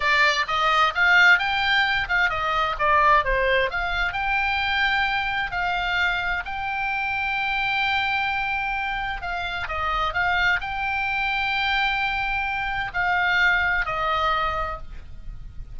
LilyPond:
\new Staff \with { instrumentName = "oboe" } { \time 4/4 \tempo 4 = 130 d''4 dis''4 f''4 g''4~ | g''8 f''8 dis''4 d''4 c''4 | f''4 g''2. | f''2 g''2~ |
g''1 | f''4 dis''4 f''4 g''4~ | g''1 | f''2 dis''2 | }